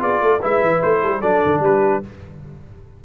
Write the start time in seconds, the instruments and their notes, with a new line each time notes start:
0.00 tuba B3, trombone F4, horn G#4, trumpet D5
0.21 tuba A3, horn A4
0.39 tuba G#3, trombone E4, horn B4, trumpet E5
0.61 tuba E3
0.82 tuba A3, trumpet C5
1.03 tuba G3, horn A4
1.09 horn G4
1.21 tuba F#3, trombone D4, horn A4, trumpet D5
1.46 tuba D3
1.60 tuba G3, horn G4, trumpet B4